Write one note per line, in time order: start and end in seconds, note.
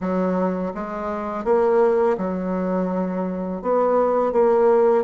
0.00 0.73 F#3
0.74 1.44 G#3
1.44 2.17 A#3
2.17 3.61 F#3
3.61 4.32 B3
4.32 5.04 A#3